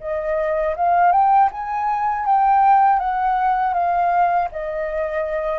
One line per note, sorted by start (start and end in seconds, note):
0.00 0.75 D#5
0.76 1.12 F5
1.12 1.49 G5
1.51 2.26 G#5
2.26 2.99 G5
2.99 3.73 F#5
3.73 4.48 F5
4.51 5.59 D#5